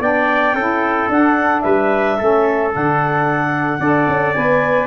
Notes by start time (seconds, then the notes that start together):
0.00 B3 D4 D5 G5
0.54 C#4 E4 A4
1.09 D4 F#5
1.61 G3 B4 E5
2.18 A3 C#4 A4
2.72 D3 D4 F#5
3.80 D4 A4 D5
4.08 C#4
4.34 B3 B4 G#5